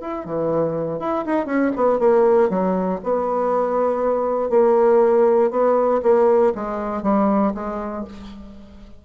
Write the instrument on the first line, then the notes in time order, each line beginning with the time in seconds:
bassoon
0.00 E4
0.25 E3
0.99 E4
1.26 D#4
1.46 C#4
1.76 B3
1.98 A#3
2.49 F#3
3.03 B3
4.49 A#3
5.50 B3
6.02 A#3
6.55 G#3
7.02 G3
7.54 G#3